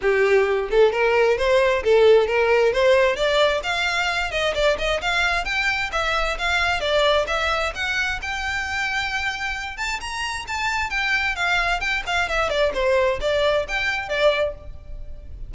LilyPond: \new Staff \with { instrumentName = "violin" } { \time 4/4 \tempo 4 = 132 g'4. a'8 ais'4 c''4 | a'4 ais'4 c''4 d''4 | f''4. dis''8 d''8 dis''8 f''4 | g''4 e''4 f''4 d''4 |
e''4 fis''4 g''2~ | g''4. a''8 ais''4 a''4 | g''4 f''4 g''8 f''8 e''8 d''8 | c''4 d''4 g''4 d''4 | }